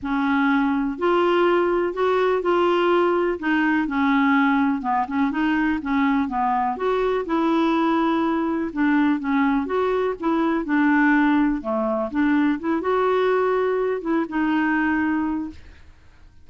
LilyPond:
\new Staff \with { instrumentName = "clarinet" } { \time 4/4 \tempo 4 = 124 cis'2 f'2 | fis'4 f'2 dis'4 | cis'2 b8 cis'8 dis'4 | cis'4 b4 fis'4 e'4~ |
e'2 d'4 cis'4 | fis'4 e'4 d'2 | a4 d'4 e'8 fis'4.~ | fis'4 e'8 dis'2~ dis'8 | }